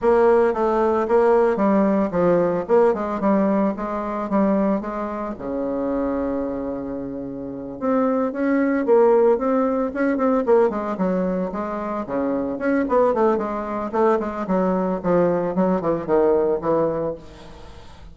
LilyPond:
\new Staff \with { instrumentName = "bassoon" } { \time 4/4 \tempo 4 = 112 ais4 a4 ais4 g4 | f4 ais8 gis8 g4 gis4 | g4 gis4 cis2~ | cis2~ cis8 c'4 cis'8~ |
cis'8 ais4 c'4 cis'8 c'8 ais8 | gis8 fis4 gis4 cis4 cis'8 | b8 a8 gis4 a8 gis8 fis4 | f4 fis8 e8 dis4 e4 | }